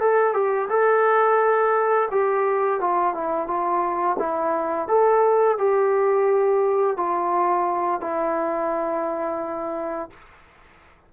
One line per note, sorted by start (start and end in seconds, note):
0.00 0.34 A4
0.34 0.68 G4
0.69 2.09 A4
2.11 2.80 G4
2.80 3.14 F4
3.14 3.47 E4
3.47 4.17 F4
4.19 4.88 E4
4.88 5.58 A4
5.58 6.97 G4
6.97 8.01 F4
8.01 10.10 E4